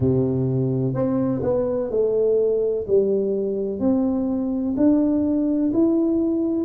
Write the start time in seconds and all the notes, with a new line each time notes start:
0.00 C3
0.94 C4
1.42 B3
1.90 A3
2.87 G3
3.79 C4
4.76 D4
5.73 E4